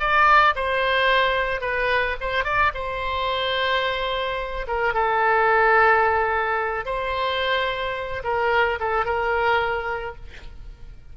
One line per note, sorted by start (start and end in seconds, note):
0.00 0.55 D5
0.56 1.61 C5
1.61 2.16 B4
2.21 2.44 C5
2.44 2.72 D5
2.74 4.67 C5
4.67 4.94 A#4
4.94 6.86 A4
6.86 8.23 C5
8.24 8.79 A#4
8.80 9.06 A4
9.06 10.16 A#4